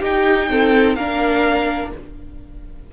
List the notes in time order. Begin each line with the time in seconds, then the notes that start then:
0.00 D#4 G4 G5
0.50 C4 A4
0.95 A#3 D4 A#4 F5